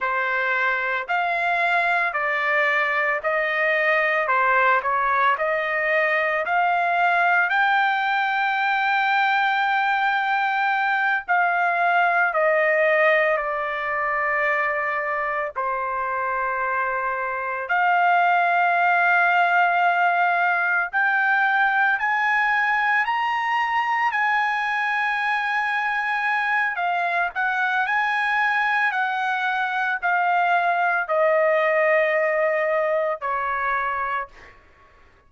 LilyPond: \new Staff \with { instrumentName = "trumpet" } { \time 4/4 \tempo 4 = 56 c''4 f''4 d''4 dis''4 | c''8 cis''8 dis''4 f''4 g''4~ | g''2~ g''8 f''4 dis''8~ | dis''8 d''2 c''4.~ |
c''8 f''2. g''8~ | g''8 gis''4 ais''4 gis''4.~ | gis''4 f''8 fis''8 gis''4 fis''4 | f''4 dis''2 cis''4 | }